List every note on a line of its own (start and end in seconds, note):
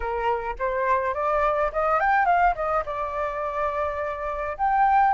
0.00 0.55 A#4
0.59 1.14 C5
1.14 1.71 D5
1.72 2.00 D#5
2.00 2.25 G5
2.25 2.54 F5
2.55 2.83 D#5
2.85 4.57 D5
4.57 5.14 G5